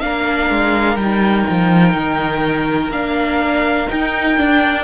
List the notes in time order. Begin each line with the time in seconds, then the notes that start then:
0.00 A#3 D4 A#4 F5
0.50 G#3
0.96 G3 D#4 G5
1.49 F3
1.94 D#3
2.90 A#3 D4 F5
3.87 D#4 G5
4.37 D4